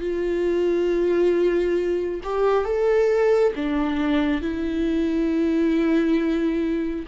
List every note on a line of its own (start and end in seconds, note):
0.00 2.21 F4
2.23 2.64 G4
2.64 3.53 A4
3.55 4.41 D4
4.41 7.06 E4